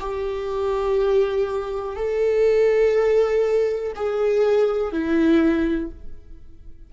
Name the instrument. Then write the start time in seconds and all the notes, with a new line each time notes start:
viola
0.00 G4
1.96 A4
3.96 G#4
4.92 E4